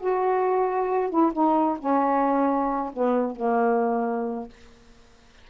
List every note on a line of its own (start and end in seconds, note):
0.00 1.10 F#4
1.10 1.32 E4
1.33 1.78 D#4
1.79 2.92 C#4
2.93 3.36 B3
3.36 4.49 A#3